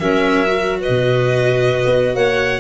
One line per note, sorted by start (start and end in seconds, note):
0.00 0.89 F#3
0.00 0.46 C#4
0.00 0.80 A#4
0.00 0.80 E5
0.46 2.61 F#4
0.81 2.16 B4
0.81 2.16 D#5
0.89 1.80 B2
1.85 2.15 B3
2.15 2.61 A#3
2.15 2.61 C#5
2.15 2.61 F#5